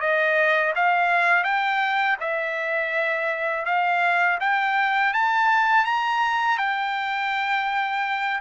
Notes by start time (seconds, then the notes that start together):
0.00 D#5
0.75 F5
1.44 G5
2.20 E5
3.65 F5
4.40 G5
5.13 A5
5.85 A#5
6.57 G5